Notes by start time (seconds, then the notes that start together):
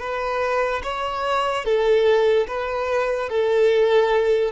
0.00 B4
0.83 C#5
1.65 A4
2.48 B4
3.30 A4